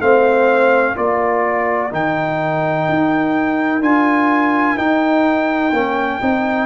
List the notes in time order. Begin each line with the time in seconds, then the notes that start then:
0.00 A3 C4 C5 F5
0.95 A#3 F4 A#4 D5
1.90 D#3 D#4 G5
2.88 D#4
3.80 D4 F4 G#5
4.77 D#4 G5
5.72 A#3 C#4
6.21 C4 D#4